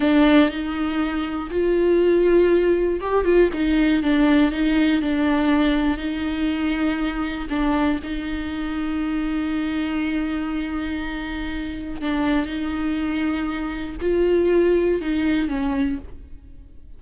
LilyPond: \new Staff \with { instrumentName = "viola" } { \time 4/4 \tempo 4 = 120 d'4 dis'2 f'4~ | f'2 g'8 f'8 dis'4 | d'4 dis'4 d'2 | dis'2. d'4 |
dis'1~ | dis'1 | d'4 dis'2. | f'2 dis'4 cis'4 | }